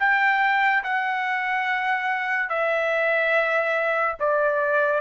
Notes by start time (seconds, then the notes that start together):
0.00 G5
0.84 F#5
2.50 E5
4.20 D5